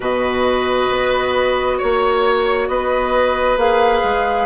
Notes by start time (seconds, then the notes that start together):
0.00 B2 F#4 B4 D#5
0.90 B3
1.77 A#3 C#5
2.68 B3 B4 D#5
3.56 A#3 G#4 F5
4.03 G#3